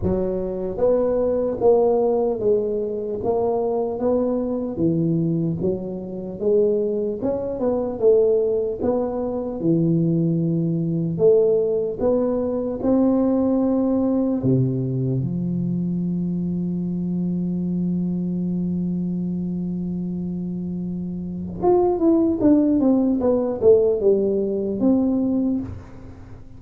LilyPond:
\new Staff \with { instrumentName = "tuba" } { \time 4/4 \tempo 4 = 75 fis4 b4 ais4 gis4 | ais4 b4 e4 fis4 | gis4 cis'8 b8 a4 b4 | e2 a4 b4 |
c'2 c4 f4~ | f1~ | f2. f'8 e'8 | d'8 c'8 b8 a8 g4 c'4 | }